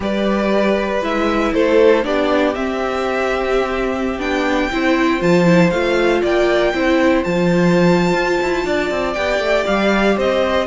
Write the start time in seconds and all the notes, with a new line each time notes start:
0.00 G3 G4 B4 D5
1.02 G#3 E4 E5
1.53 A3 A4 C5
2.03 B3 D4 G4 D5
2.54 C4 E5
4.18 B3 D4 G5
4.71 C4 E4 C5
5.19 F3 F4 A5
5.45 E4
5.70 A3 F4 F5
6.22 A#3 D5 G5
6.73 C4 E4 C5
7.23 F3 F4 A5
8.13 F4
8.42 E4
8.65 D4 D5
8.90 C4
9.13 B3 G4 G5
9.39 A3
9.66 G3 F5
10.16 C4 C5 D#5